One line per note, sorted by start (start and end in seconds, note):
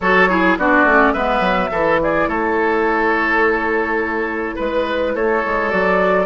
0.00 0.57 F#3
0.00 0.29 F#4
0.00 0.29 A4
0.00 0.58 C#5
0.29 0.58 E4
0.29 0.57 G#4
0.57 0.84 B3
0.57 0.86 D4
0.57 1.13 F#4
0.57 1.12 D5
0.84 1.12 A3
0.84 1.15 C#4
1.12 1.40 G#3
1.12 1.70 B3
1.12 1.70 B4
1.12 1.98 E5
1.40 1.68 F#3
1.70 2.27 E3
1.70 5.70 E4
1.70 1.99 A4
2.02 2.28 G#4
2.02 2.28 D5
2.27 4.56 A3
2.27 4.55 A4
2.27 4.57 C#5
4.55 5.15 G#3
4.55 5.12 B4
4.55 5.15 B4
5.15 5.43 A3
5.15 6.25 A4
5.15 5.70 C#5
5.45 5.72 G#3
5.70 6.25 F#3
5.70 6.25 F#4
5.70 6.25 D5